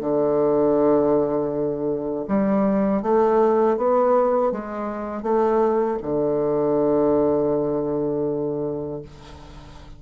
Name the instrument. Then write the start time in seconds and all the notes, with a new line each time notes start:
bassoon
0.00 D3
2.27 G3
3.02 A3
3.77 B3
4.51 G#3
5.22 A3
6.02 D3